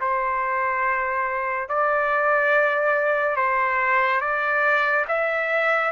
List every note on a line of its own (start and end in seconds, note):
0.00 1.68 C5
1.68 3.36 D5
3.36 4.20 C5
4.20 5.05 D5
5.07 5.91 E5